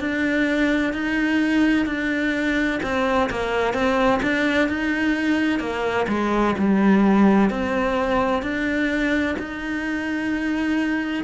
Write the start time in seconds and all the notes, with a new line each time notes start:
0.00 D4
0.93 D#4
1.86 D4
2.83 C4
3.30 A#3
3.73 C4
4.22 D4
4.69 D#4
5.59 A#3
6.08 G#3
6.58 G3
7.50 C4
8.42 D4
9.39 D#4